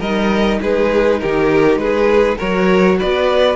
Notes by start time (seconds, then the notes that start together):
0.00 G3 D#4 A#4 D#5
0.61 G#3 G#4 B4
1.20 D#3 G4 A#4
1.76 G#3 G#4 B4
2.38 F#3 F#4 A#4 C#5
2.99 B3 B4 D5